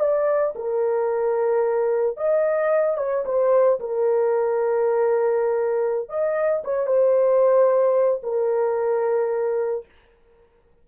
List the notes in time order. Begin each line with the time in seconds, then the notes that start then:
0.00 D5
0.56 A#4
2.17 D#5
2.98 C#5
3.26 C5
3.80 A#4
6.09 D#5
6.65 C#5
6.87 C5
8.23 A#4